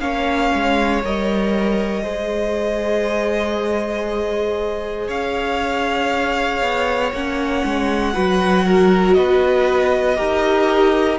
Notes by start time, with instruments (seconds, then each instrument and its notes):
0.00 cello A#3, viola C#4, violin C#5 F5
0.55 cello G#3
1.03 cello G3, viola A#4, violin D#5
2.03 cello G#3, viola G#4, violin C5
5.08 cello C#4, violin C#5 F5
6.62 cello B3
7.12 cello A#3, viola C#4, violin F#5
7.65 cello G#3
8.14 cello F#3, viola F#4, violin B4
8.66 violin A#4
9.14 cello B3, violin B4 D#5
10.16 cello D#4, viola G4, violin A#4